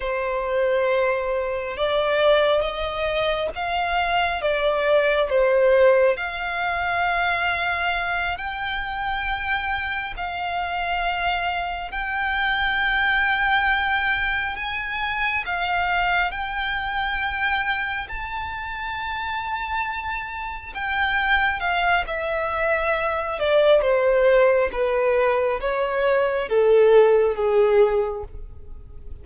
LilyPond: \new Staff \with { instrumentName = "violin" } { \time 4/4 \tempo 4 = 68 c''2 d''4 dis''4 | f''4 d''4 c''4 f''4~ | f''4. g''2 f''8~ | f''4. g''2~ g''8~ |
g''8 gis''4 f''4 g''4.~ | g''8 a''2. g''8~ | g''8 f''8 e''4. d''8 c''4 | b'4 cis''4 a'4 gis'4 | }